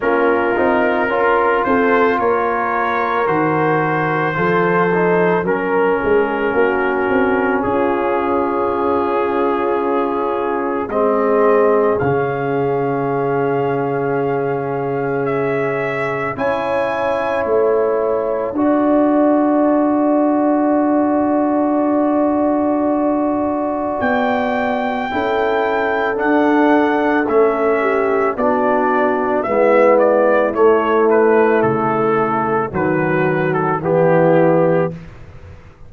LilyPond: <<
  \new Staff \with { instrumentName = "trumpet" } { \time 4/4 \tempo 4 = 55 ais'4. c''8 cis''4 c''4~ | c''4 ais'2 gis'4~ | gis'2 dis''4 f''4~ | f''2 e''4 gis''4 |
a''1~ | a''2 g''2 | fis''4 e''4 d''4 e''8 d''8 | cis''8 b'8 a'4 b'8. a'16 g'4 | }
  \new Staff \with { instrumentName = "horn" } { \time 4/4 f'4 ais'8 a'8 ais'2 | a'4 ais'8 gis'8 fis'4 f'4~ | f'2 gis'2~ | gis'2. cis''4~ |
cis''4 d''2.~ | d''2. a'4~ | a'4. g'8 fis'4 e'4~ | e'2 fis'4 e'4 | }
  \new Staff \with { instrumentName = "trombone" } { \time 4/4 cis'8 dis'8 f'2 fis'4 | f'8 dis'8 cis'2.~ | cis'2 c'4 cis'4~ | cis'2. e'4~ |
e'4 fis'2.~ | fis'2. e'4 | d'4 cis'4 d'4 b4 | a2 fis4 b4 | }
  \new Staff \with { instrumentName = "tuba" } { \time 4/4 ais8 c'8 cis'8 c'8 ais4 dis4 | f4 fis8 gis8 ais8 c'8 cis'4~ | cis'2 gis4 cis4~ | cis2. cis'4 |
a4 d'2.~ | d'2 b4 cis'4 | d'4 a4 b4 gis4 | a4 cis4 dis4 e4 | }
>>